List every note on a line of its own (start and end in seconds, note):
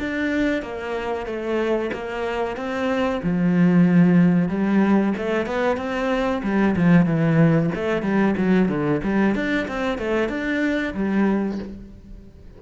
0.00 0.63 D4
0.63 1.27 A#3
1.27 1.91 A3
1.94 2.57 A#3
2.57 3.22 C4
3.23 4.49 F3
4.49 5.14 G3
5.18 5.47 A3
5.47 5.78 B3
5.78 6.42 C4
6.43 6.76 G3
6.77 7.06 F3
7.06 7.71 E3
7.75 8.03 A3
8.03 8.35 G3
8.38 8.69 F#3
8.69 9.01 D3
9.04 9.35 G3
9.35 9.68 D4
9.68 9.99 C4
9.99 10.30 A3
10.30 10.94 D4
10.94 11.59 G3